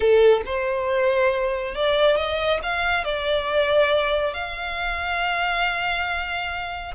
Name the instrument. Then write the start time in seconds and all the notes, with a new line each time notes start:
violin
0.00 A4
0.45 C5
1.74 D5
2.16 D#5
2.62 F5
3.04 D5
4.33 F5